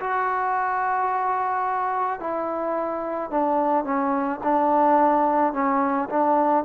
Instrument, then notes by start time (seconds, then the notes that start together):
trombone
0.00 F#4
2.20 E4
3.31 D4
3.84 C#4
4.43 D4
5.53 C#4
6.10 D4